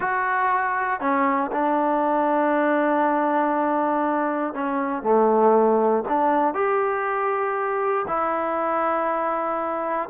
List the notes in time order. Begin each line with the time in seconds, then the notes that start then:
0.00 F#4
1.00 C#4
1.51 D4
4.54 C#4
5.02 A3
6.08 D4
6.54 G4
8.07 E4